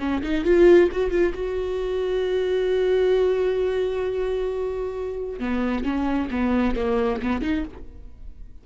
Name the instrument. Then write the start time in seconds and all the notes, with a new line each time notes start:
viola
0.00 C#4
0.23 D#4
0.45 F4
0.92 F#4
1.11 F4
1.35 F#4
5.40 B3
5.84 C#4
6.31 B3
6.76 A#3
7.23 B3
7.42 D#4